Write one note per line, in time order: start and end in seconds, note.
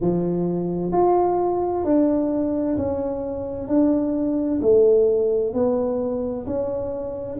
0.00 0.92 F3
0.92 1.84 F4
1.84 2.76 D4
2.77 3.68 C#4
3.68 4.60 D4
4.61 5.53 A3
5.53 6.46 B3
6.46 7.38 C#4